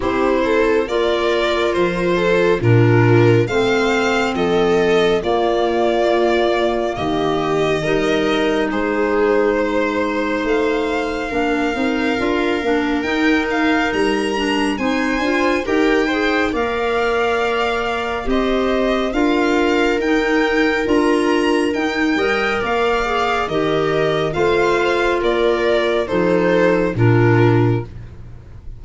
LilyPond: <<
  \new Staff \with { instrumentName = "violin" } { \time 4/4 \tempo 4 = 69 c''4 d''4 c''4 ais'4 | f''4 dis''4 d''2 | dis''2 c''2 | f''2. g''8 f''8 |
ais''4 gis''4 g''4 f''4~ | f''4 dis''4 f''4 g''4 | ais''4 g''4 f''4 dis''4 | f''4 d''4 c''4 ais'4 | }
  \new Staff \with { instrumentName = "viola" } { \time 4/4 g'8 a'8 ais'4. a'8 f'4 | c''4 a'4 f'2 | g'4 ais'4 gis'4 c''4~ | c''4 ais'2.~ |
ais'4 c''4 ais'8 c''8 d''4~ | d''4 c''4 ais'2~ | ais'4. dis''8 d''4 ais'4 | c''4 ais'4 a'4 f'4 | }
  \new Staff \with { instrumentName = "clarinet" } { \time 4/4 e'4 f'2 d'4 | c'2 ais2~ | ais4 dis'2.~ | dis'4 d'8 dis'8 f'8 d'8 dis'4~ |
dis'8 d'8 dis'8 f'8 g'8 gis'8 ais'4~ | ais'4 g'4 f'4 dis'4 | f'4 dis'8 ais'4 gis'8 g'4 | f'2 dis'4 d'4 | }
  \new Staff \with { instrumentName = "tuba" } { \time 4/4 c'4 ais4 f4 ais,4 | a4 f4 ais2 | dis4 g4 gis2 | a4 ais8 c'8 d'8 ais8 dis'4 |
g4 c'8 d'8 dis'4 ais4~ | ais4 c'4 d'4 dis'4 | d'4 dis'8 g8 ais4 dis4 | a4 ais4 f4 ais,4 | }
>>